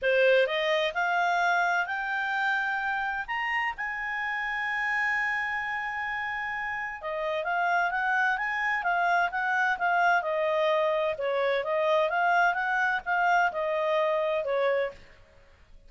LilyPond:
\new Staff \with { instrumentName = "clarinet" } { \time 4/4 \tempo 4 = 129 c''4 dis''4 f''2 | g''2. ais''4 | gis''1~ | gis''2. dis''4 |
f''4 fis''4 gis''4 f''4 | fis''4 f''4 dis''2 | cis''4 dis''4 f''4 fis''4 | f''4 dis''2 cis''4 | }